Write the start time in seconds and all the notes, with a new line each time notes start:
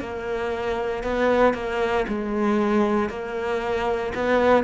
0.00 A#3
1.03 B3
1.54 A#3
2.08 G#3
3.09 A#3
4.14 B3